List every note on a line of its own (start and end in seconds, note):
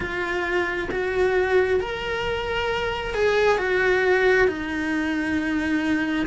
0.00 0.89 F4
0.91 1.80 F#4
1.80 3.14 A#4
3.14 3.58 G#4
3.58 4.47 F#4
4.47 6.26 D#4